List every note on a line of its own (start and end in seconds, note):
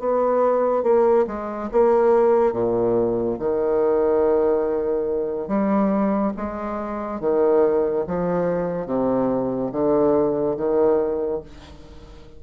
0.00 0.83 B3
0.83 1.26 A#3
1.28 1.70 G#3
1.72 2.53 A#3
2.53 3.38 A#2
3.39 5.48 D#3
5.48 6.33 G3
6.37 7.21 G#3
7.21 8.05 D#3
8.07 8.87 F3
8.87 9.71 C3
9.72 10.57 D3
10.57 11.42 D#3